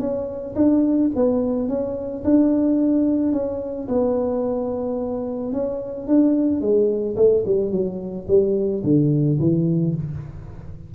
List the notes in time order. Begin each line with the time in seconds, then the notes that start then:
0.00 C#4
0.56 D4
1.16 B3
1.69 C#4
2.24 D4
3.33 C#4
3.89 B3
5.53 C#4
6.08 D4
6.61 G#3
7.16 A3
7.46 G3
7.71 F#3
8.28 G3
8.83 D3
9.40 E3